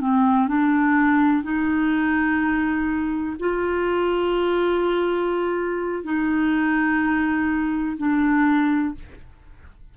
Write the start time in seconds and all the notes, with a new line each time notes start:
0.00 C4
0.48 D4
1.43 D#4
3.40 F4
6.04 D#4
7.98 D4